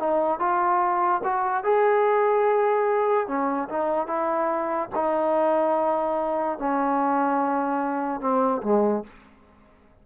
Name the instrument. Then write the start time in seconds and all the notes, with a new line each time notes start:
trombone
0.00 D#4
0.40 F4
1.24 F#4
1.64 G#4
3.28 C#4
3.70 D#4
4.07 E4
4.95 D#4
6.59 C#4
8.21 C4
8.63 G#3